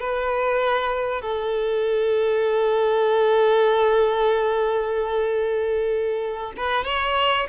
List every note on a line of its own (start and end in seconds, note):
0.00 1.21 B4
1.21 6.53 A4
6.57 6.84 B4
6.84 7.47 C#5